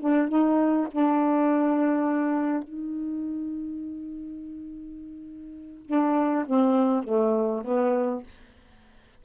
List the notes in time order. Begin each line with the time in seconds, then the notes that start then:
0.00 D4
0.29 D#4
0.92 D4
2.64 D#4
5.86 D4
6.46 C4
7.04 A3
7.64 B3